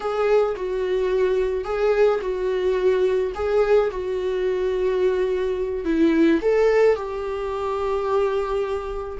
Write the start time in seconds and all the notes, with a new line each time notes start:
0.00 G#4
0.56 F#4
1.64 G#4
2.21 F#4
3.34 G#4
3.90 F#4
5.84 E4
6.41 A4
6.95 G4